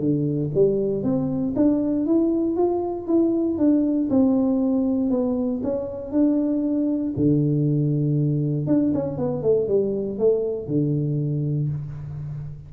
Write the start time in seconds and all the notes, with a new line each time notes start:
0.00 D3
0.55 G3
1.03 C4
1.56 D4
2.06 E4
2.57 F4
3.08 E4
3.58 D4
4.10 C4
5.11 B3
5.63 C#4
6.12 D4
7.16 D3
8.67 D4
8.94 C#4
9.18 B3
9.43 A3
9.68 G3
10.19 A3
10.68 D3